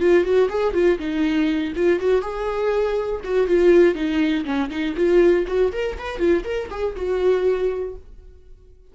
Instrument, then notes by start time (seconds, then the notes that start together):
viola
0.00 F4
0.24 F#4
0.49 G#4
0.74 F4
0.99 D#4
1.76 F4
2.00 F#4
2.22 G#4
3.24 F#4
3.47 F4
3.95 D#4
4.45 C#4
4.70 D#4
4.97 F4
5.47 F#4
5.73 A#4
5.99 B4
6.19 F4
6.45 A#4
6.71 G#4
6.96 F#4